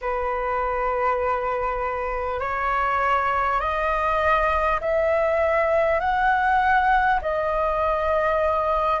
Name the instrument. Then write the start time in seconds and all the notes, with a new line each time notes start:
flute
0.01 B4
2.39 C#5
3.60 D#5
4.80 E5
6.00 F#5
7.21 D#5